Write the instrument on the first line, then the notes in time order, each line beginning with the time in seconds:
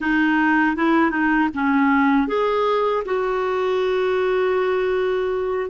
clarinet
0.00 D#4
0.76 E4
1.10 D#4
1.54 C#4
2.27 G#4
3.05 F#4